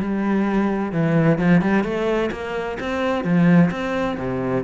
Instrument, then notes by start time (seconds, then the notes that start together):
cello
0.00 G3
0.92 E3
1.38 F3
1.61 G3
1.84 A3
2.31 A#3
2.79 C4
3.24 F3
3.70 C4
4.17 C3